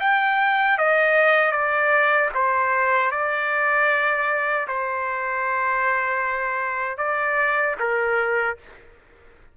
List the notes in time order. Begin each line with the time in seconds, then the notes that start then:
0.00 G5
0.78 D#5
1.51 D5
2.34 C5
3.11 D5
4.68 C5
6.98 D5
7.79 A#4